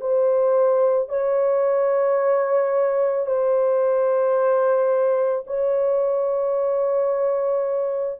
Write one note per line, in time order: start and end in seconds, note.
0.00 1.09 C5
1.09 3.26 C#5
3.26 5.44 C5
5.46 8.19 C#5